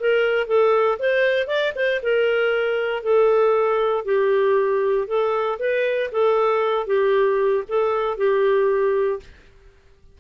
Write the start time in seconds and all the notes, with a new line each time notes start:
0.00 A#4
0.47 A4
0.99 C5
1.47 D5
1.75 C5
2.03 A#4
3.03 A4
4.05 G4
5.07 A4
5.59 B4
6.12 A4
6.87 G4
7.68 A4
8.17 G4